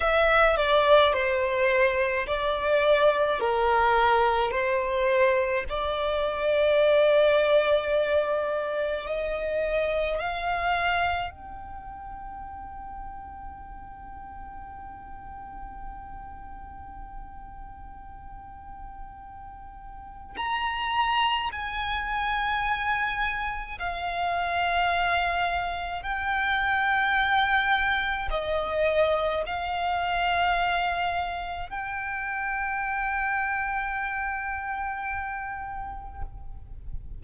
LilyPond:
\new Staff \with { instrumentName = "violin" } { \time 4/4 \tempo 4 = 53 e''8 d''8 c''4 d''4 ais'4 | c''4 d''2. | dis''4 f''4 g''2~ | g''1~ |
g''2 ais''4 gis''4~ | gis''4 f''2 g''4~ | g''4 dis''4 f''2 | g''1 | }